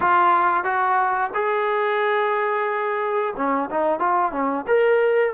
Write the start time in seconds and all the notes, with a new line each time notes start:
0.00 F4
0.63 F#4
1.34 G#4
3.36 C#4
3.70 D#4
3.99 F4
4.32 C#4
4.67 A#4